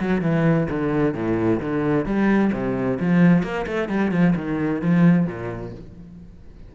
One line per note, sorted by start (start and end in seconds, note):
0.00 0.22 F#3
0.22 0.67 E3
0.70 1.15 D3
1.15 1.60 A2
1.61 2.06 D3
2.06 2.51 G3
2.53 2.99 C3
3.00 3.43 F3
3.43 3.66 A#3
3.67 3.89 A3
3.89 4.12 G3
4.12 4.35 F3
4.36 4.82 D#3
4.82 5.26 F3
5.26 5.72 A#2